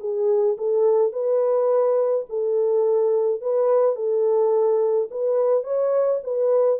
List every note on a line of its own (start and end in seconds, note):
0.00 0.57 G#4
0.58 1.12 A4
1.12 2.26 B4
2.29 3.41 A4
3.41 3.96 B4
3.96 5.09 A4
5.11 5.64 B4
5.64 6.20 C#5
6.24 6.80 B4